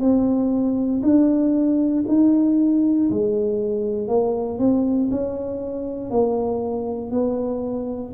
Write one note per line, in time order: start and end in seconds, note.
0.00 1.02 C4
1.03 2.05 D4
2.08 3.10 D#4
3.11 4.08 G#3
4.08 4.59 A#3
4.59 5.10 C4
5.11 6.11 C#4
6.11 7.11 A#3
7.11 8.13 B3